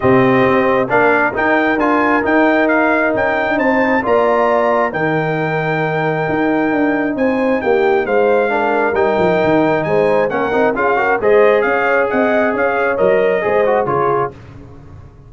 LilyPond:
<<
  \new Staff \with { instrumentName = "trumpet" } { \time 4/4 \tempo 4 = 134 dis''2 f''4 g''4 | gis''4 g''4 f''4 g''4 | a''4 ais''2 g''4~ | g''1 |
gis''4 g''4 f''2 | g''2 gis''4 fis''4 | f''4 dis''4 f''4 fis''4 | f''4 dis''2 cis''4 | }
  \new Staff \with { instrumentName = "horn" } { \time 4/4 g'2 ais'2~ | ais'1 | c''4 d''2 ais'4~ | ais'1 |
c''4 g'4 c''4 ais'4~ | ais'2 c''4 ais'4 | gis'8 ais'8 c''4 cis''4 dis''4 | cis''2 c''4 gis'4 | }
  \new Staff \with { instrumentName = "trombone" } { \time 4/4 c'2 d'4 dis'4 | f'4 dis'2.~ | dis'4 f'2 dis'4~ | dis'1~ |
dis'2. d'4 | dis'2. cis'8 dis'8 | f'8 fis'8 gis'2.~ | gis'4 ais'4 gis'8 fis'8 f'4 | }
  \new Staff \with { instrumentName = "tuba" } { \time 4/4 c4 c'4 ais4 dis'4 | d'4 dis'2 cis'8. d'16 | c'4 ais2 dis4~ | dis2 dis'4 d'4 |
c'4 ais4 gis2 | g8 f8 dis4 gis4 ais8 c'8 | cis'4 gis4 cis'4 c'4 | cis'4 fis4 gis4 cis4 | }
>>